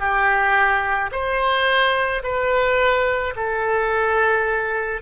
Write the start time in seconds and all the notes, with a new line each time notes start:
0.00 G4
1.12 C5
2.24 B4
3.36 A4